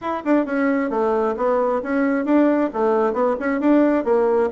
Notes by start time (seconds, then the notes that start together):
0.01 E4
0.24 D4
0.45 C#4
0.89 A3
1.36 B3
1.83 C#4
2.25 D4
2.73 A3
3.13 B3
3.39 C#4
3.60 D4
4.04 A#3